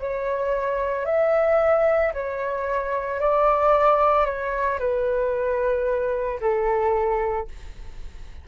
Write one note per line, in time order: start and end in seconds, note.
0.00 1.05 C#5
1.05 2.12 E5
2.13 3.20 C#5
3.20 4.25 D5
4.25 4.79 C#5
4.79 6.40 B4
6.41 7.48 A4